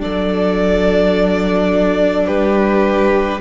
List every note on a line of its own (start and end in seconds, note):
0.00 2.29 F#3
0.00 3.40 D4
0.00 2.28 A4
0.00 2.27 D5
2.27 3.41 G3
2.27 3.41 G4
2.27 3.41 B4